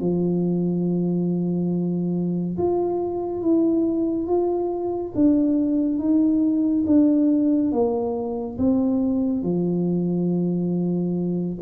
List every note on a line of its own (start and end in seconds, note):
0.00 2.57 F3
2.57 3.42 F4
3.42 4.27 E4
4.27 5.13 F4
5.14 5.98 D4
5.98 6.84 D#4
6.86 7.72 D4
7.72 8.58 A#3
8.58 9.42 C4
9.42 11.57 F3